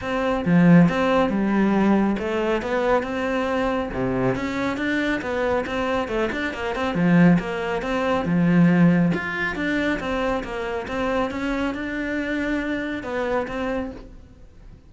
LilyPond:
\new Staff \with { instrumentName = "cello" } { \time 4/4 \tempo 4 = 138 c'4 f4 c'4 g4~ | g4 a4 b4 c'4~ | c'4 c4 cis'4 d'4 | b4 c'4 a8 d'8 ais8 c'8 |
f4 ais4 c'4 f4~ | f4 f'4 d'4 c'4 | ais4 c'4 cis'4 d'4~ | d'2 b4 c'4 | }